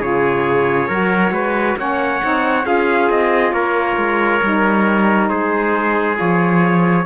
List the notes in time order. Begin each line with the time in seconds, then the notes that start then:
0.00 C#3 F4 G#4 C#5
0.88 F#3 F#4 A#4
1.31 G#3 B4
1.77 A#3 C#4 C#5 F#5
2.22 C4 D#4
2.63 C#4 F4 G#4 F5
3.10 C4 D#5
3.52 A#3 A#4 C#5
3.97 G#3
4.42 G3 D#4
5.29 G#3 G#4 C5
6.15 F3 F4 C#5